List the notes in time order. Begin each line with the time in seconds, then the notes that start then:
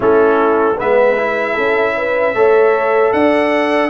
0.00 A3 C#4 E4 A4
0.76 G#3 B3 B4 E5
1.17 E4
1.54 C#4 A4
1.96 B4
2.34 A3 A4 C#5
3.12 D4 D5 F#5